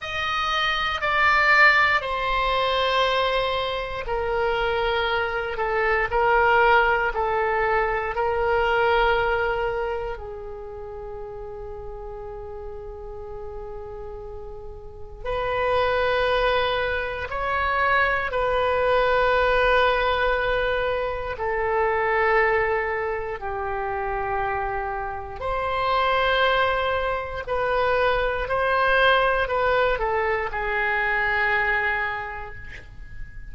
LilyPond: \new Staff \with { instrumentName = "oboe" } { \time 4/4 \tempo 4 = 59 dis''4 d''4 c''2 | ais'4. a'8 ais'4 a'4 | ais'2 gis'2~ | gis'2. b'4~ |
b'4 cis''4 b'2~ | b'4 a'2 g'4~ | g'4 c''2 b'4 | c''4 b'8 a'8 gis'2 | }